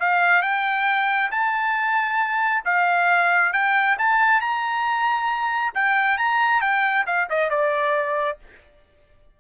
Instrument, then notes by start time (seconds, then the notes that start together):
trumpet
0.00 F5
0.42 G5
1.31 A5
2.65 F5
3.53 G5
3.98 A5
4.41 A#5
5.75 G5
6.18 A#5
6.61 G5
7.06 F5
7.30 D#5
7.50 D5